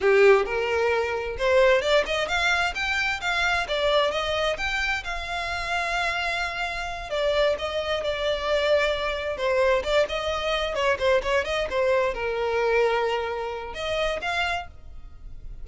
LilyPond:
\new Staff \with { instrumentName = "violin" } { \time 4/4 \tempo 4 = 131 g'4 ais'2 c''4 | d''8 dis''8 f''4 g''4 f''4 | d''4 dis''4 g''4 f''4~ | f''2.~ f''8 d''8~ |
d''8 dis''4 d''2~ d''8~ | d''8 c''4 d''8 dis''4. cis''8 | c''8 cis''8 dis''8 c''4 ais'4.~ | ais'2 dis''4 f''4 | }